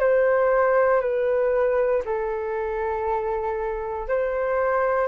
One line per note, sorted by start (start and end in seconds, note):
0.00 1.01 C5
1.01 2.03 B4
2.05 4.09 A4
4.09 5.08 C5